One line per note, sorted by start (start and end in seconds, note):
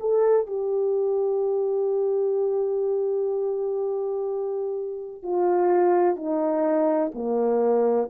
0.00 0.47 A4
0.47 5.23 G4
5.23 6.16 F4
6.16 7.11 D#4
7.14 8.10 A#3